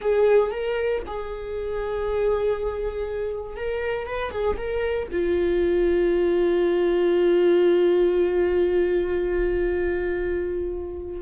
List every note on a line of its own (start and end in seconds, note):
0.01 0.51 G#4
0.51 1.02 A#4
1.06 3.56 G#4
3.56 4.07 A#4
4.07 4.31 B4
4.31 4.56 G#4
4.57 5.08 A#4
5.11 11.21 F4